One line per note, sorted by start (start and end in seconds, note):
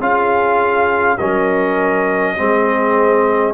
0.00 1.18 C#4
0.00 1.18 F4
0.00 1.18 G#4
0.00 1.18 F5
1.18 2.38 F#3
1.18 2.37 C#4
1.18 2.36 A#4
1.18 3.53 D#5
2.37 3.53 G#3
2.37 3.53 C4
2.37 3.53 G#4